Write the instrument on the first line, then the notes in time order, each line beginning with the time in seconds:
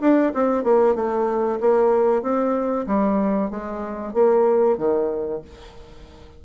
bassoon
0.00 D4
0.34 C4
0.63 A#3
0.95 A3
1.60 A#3
2.22 C4
2.87 G3
3.50 G#3
4.13 A#3
4.77 D#3